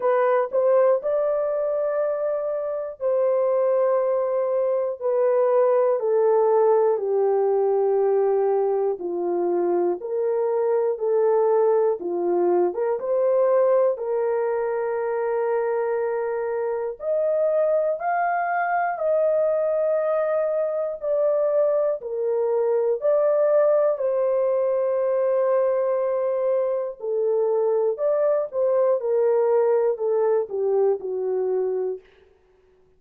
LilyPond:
\new Staff \with { instrumentName = "horn" } { \time 4/4 \tempo 4 = 60 b'8 c''8 d''2 c''4~ | c''4 b'4 a'4 g'4~ | g'4 f'4 ais'4 a'4 | f'8. ais'16 c''4 ais'2~ |
ais'4 dis''4 f''4 dis''4~ | dis''4 d''4 ais'4 d''4 | c''2. a'4 | d''8 c''8 ais'4 a'8 g'8 fis'4 | }